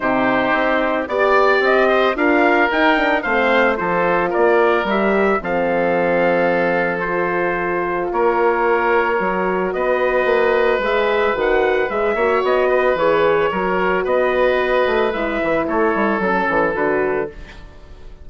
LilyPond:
<<
  \new Staff \with { instrumentName = "trumpet" } { \time 4/4 \tempo 4 = 111 c''2 d''4 dis''4 | f''4 g''4 f''4 c''4 | d''4 e''4 f''2~ | f''4 c''2 cis''4~ |
cis''2 dis''2 | e''4 fis''4 e''4 dis''4 | cis''2 dis''2 | e''4 cis''4 a'4 b'4 | }
  \new Staff \with { instrumentName = "oboe" } { \time 4/4 g'2 d''4. c''8 | ais'2 c''4 a'4 | ais'2 a'2~ | a'2. ais'4~ |
ais'2 b'2~ | b'2~ b'8 cis''4 b'8~ | b'4 ais'4 b'2~ | b'4 a'2. | }
  \new Staff \with { instrumentName = "horn" } { \time 4/4 dis'2 g'2 | f'4 dis'8 d'8 c'4 f'4~ | f'4 g'4 c'2~ | c'4 f'2.~ |
f'4 fis'2. | gis'4 fis'4 gis'8 fis'4. | gis'4 fis'2. | e'2 cis'4 fis'4 | }
  \new Staff \with { instrumentName = "bassoon" } { \time 4/4 c4 c'4 b4 c'4 | d'4 dis'4 a4 f4 | ais4 g4 f2~ | f2. ais4~ |
ais4 fis4 b4 ais4 | gis4 dis4 gis8 ais8 b4 | e4 fis4 b4. a8 | gis8 e8 a8 g8 fis8 e8 d4 | }
>>